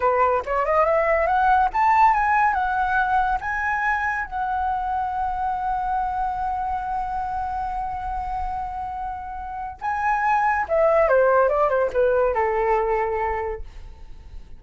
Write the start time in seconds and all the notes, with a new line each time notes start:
0.00 B4
0.45 C#5
0.65 D#5
0.85 E5
1.26 F#5
1.73 A5
2.13 G#5
2.53 F#5
3.40 G#5
4.25 F#5
9.81 G#5
10.68 E5
11.08 C5
11.49 D5
11.69 C5
11.92 B4
12.34 A4